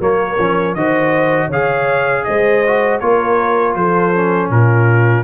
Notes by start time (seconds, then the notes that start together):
0.00 F#3 A#3 A#4 C#5
0.39 F3 C#4
0.75 D#3 F#4 C5 D#5
1.47 C#3 G#4 C#5 F5
2.25 G#3 C5 D#5
2.67 F#4
3.00 A#3 F4 A#4 C#5
3.75 F3 A4 C5
4.14 C#4
4.50 A#2 F4 A#4